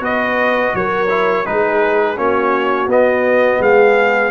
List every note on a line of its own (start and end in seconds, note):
0.00 0.72 B3
0.00 1.07 F#4
0.00 0.74 B4
0.00 0.75 D#5
0.74 1.45 F#3
0.74 1.46 A#4
0.74 1.45 C#5
1.09 1.44 E4
1.45 2.17 G#3
1.45 2.16 D#4
1.45 2.17 G#4
1.45 2.17 B4
2.16 2.86 A#3
2.16 2.88 C#4
2.16 3.60 F#4
2.16 2.89 C#5
2.86 3.58 B3
2.86 4.30 B3
2.86 3.62 D#5
3.59 4.30 G#3
3.59 4.30 G#4
3.59 4.30 F5